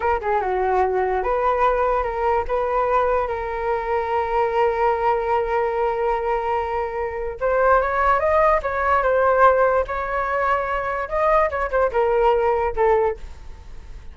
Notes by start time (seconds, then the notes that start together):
0.00 A#4
0.21 G#4
0.41 F#4
1.23 B4
2.03 A#4
2.47 B4
3.27 A#4
7.40 C5
7.81 C#5
8.19 D#5
8.62 C#5
9.02 C5
9.87 C#5
11.08 D#5
11.50 C#5
11.70 C5
11.91 A#4
12.76 A4